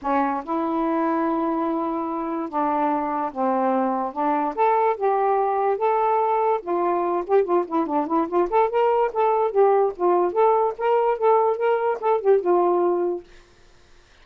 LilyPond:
\new Staff \with { instrumentName = "saxophone" } { \time 4/4 \tempo 4 = 145 cis'4 e'2.~ | e'2 d'2 | c'2 d'4 a'4 | g'2 a'2 |
f'4. g'8 f'8 e'8 d'8 e'8 | f'8 a'8 ais'4 a'4 g'4 | f'4 a'4 ais'4 a'4 | ais'4 a'8 g'8 f'2 | }